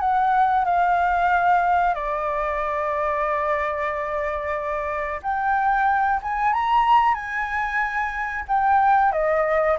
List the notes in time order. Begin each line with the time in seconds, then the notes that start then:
0.00 F#5
0.65 F5
1.94 D5
5.23 G5
6.23 G#5
6.53 A#5
7.15 G#5
8.48 G5
9.12 D#5